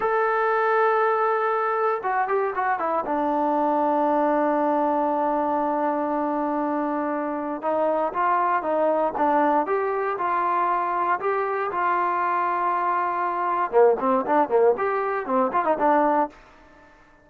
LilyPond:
\new Staff \with { instrumentName = "trombone" } { \time 4/4 \tempo 4 = 118 a'1 | fis'8 g'8 fis'8 e'8 d'2~ | d'1~ | d'2. dis'4 |
f'4 dis'4 d'4 g'4 | f'2 g'4 f'4~ | f'2. ais8 c'8 | d'8 ais8 g'4 c'8 f'16 dis'16 d'4 | }